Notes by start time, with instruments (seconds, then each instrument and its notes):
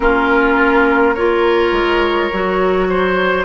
0.00 bassoon A#3, clarinet C#4, oboe F4, flute A#4
1.14 clarinet F4, oboe A#4, flute C#5
1.72 bassoon G#3
2.32 bassoon F#3, clarinet F#4
2.89 oboe C5